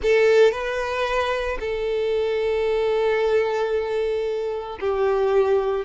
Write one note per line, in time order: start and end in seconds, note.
0.02 0.51 A4
0.51 1.57 B4
1.60 4.78 A4
4.80 5.85 G4